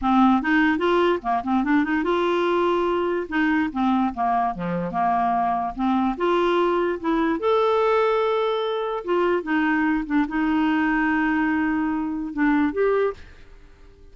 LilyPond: \new Staff \with { instrumentName = "clarinet" } { \time 4/4 \tempo 4 = 146 c'4 dis'4 f'4 ais8 c'8 | d'8 dis'8 f'2. | dis'4 c'4 ais4 f4 | ais2 c'4 f'4~ |
f'4 e'4 a'2~ | a'2 f'4 dis'4~ | dis'8 d'8 dis'2.~ | dis'2 d'4 g'4 | }